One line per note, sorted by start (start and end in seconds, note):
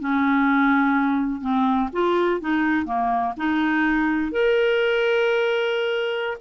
0.00 1.41 C#4
1.41 1.89 C4
1.93 2.41 F4
2.41 2.86 D#4
2.86 3.34 A#3
3.37 4.32 D#4
4.32 6.38 A#4